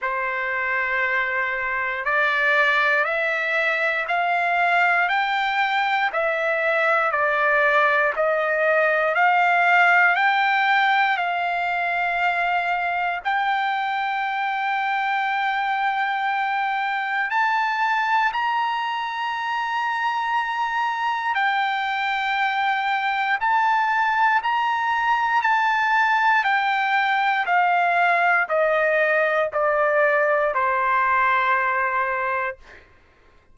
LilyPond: \new Staff \with { instrumentName = "trumpet" } { \time 4/4 \tempo 4 = 59 c''2 d''4 e''4 | f''4 g''4 e''4 d''4 | dis''4 f''4 g''4 f''4~ | f''4 g''2.~ |
g''4 a''4 ais''2~ | ais''4 g''2 a''4 | ais''4 a''4 g''4 f''4 | dis''4 d''4 c''2 | }